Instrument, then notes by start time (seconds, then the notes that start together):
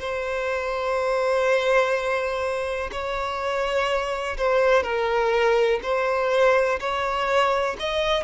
violin
0.00 C5
2.92 C#5
4.37 C5
4.83 A#4
5.82 C5
6.80 C#5
7.79 D#5